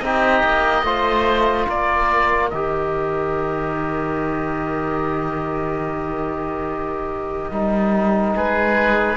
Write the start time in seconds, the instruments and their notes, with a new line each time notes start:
0.00 cello C4, trombone D#4, oboe G4 D#5
0.44 cello A#3
0.83 cello A3, trombone F4, oboe C5
1.68 cello A#3, oboe A#4 D5
2.50 cello D#3, trombone G4, oboe D#5
7.52 cello G3, trombone D#4
8.36 cello G#3, oboe G#4 B4